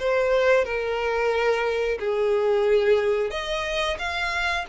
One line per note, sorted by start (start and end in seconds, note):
0.00 0.65 C5
0.65 1.98 A#4
2.00 3.31 G#4
3.31 3.98 D#5
3.99 4.66 F5